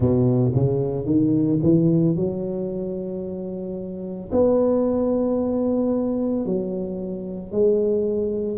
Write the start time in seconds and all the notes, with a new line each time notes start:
0.00 B2
0.55 C#3
1.05 D#3
1.63 E3
2.16 F#3
4.31 B3
6.45 F#3
7.51 G#3